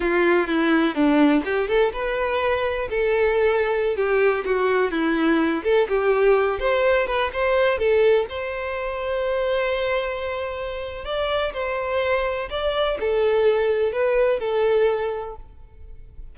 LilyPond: \new Staff \with { instrumentName = "violin" } { \time 4/4 \tempo 4 = 125 f'4 e'4 d'4 g'8 a'8 | b'2 a'2~ | a'16 g'4 fis'4 e'4. a'16~ | a'16 g'4. c''4 b'8 c''8.~ |
c''16 a'4 c''2~ c''8.~ | c''2. d''4 | c''2 d''4 a'4~ | a'4 b'4 a'2 | }